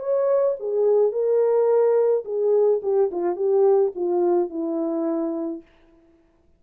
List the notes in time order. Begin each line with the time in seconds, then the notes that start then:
0.00 C#5
0.60 G#4
1.12 A#4
2.25 G#4
2.83 G4
3.11 F4
3.37 G4
3.96 F4
4.50 E4